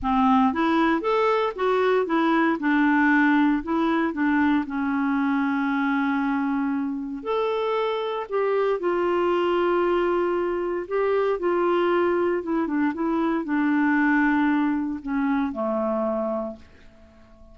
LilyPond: \new Staff \with { instrumentName = "clarinet" } { \time 4/4 \tempo 4 = 116 c'4 e'4 a'4 fis'4 | e'4 d'2 e'4 | d'4 cis'2.~ | cis'2 a'2 |
g'4 f'2.~ | f'4 g'4 f'2 | e'8 d'8 e'4 d'2~ | d'4 cis'4 a2 | }